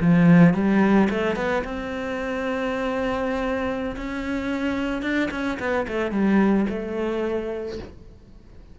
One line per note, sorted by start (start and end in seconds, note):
0.00 0.54 F3
0.54 1.08 G3
1.10 1.36 A3
1.36 1.63 B3
1.64 3.96 C4
3.96 5.02 C#4
5.02 5.29 D4
5.31 5.58 C#4
5.59 5.87 B3
5.88 6.11 A3
6.11 6.66 G3
6.69 7.79 A3